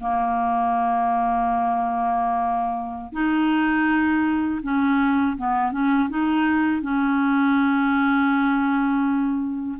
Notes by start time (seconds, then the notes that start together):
0.00 A#3
3.13 D#4
4.63 C#4
5.37 B3
5.72 C#4
6.10 D#4
6.82 C#4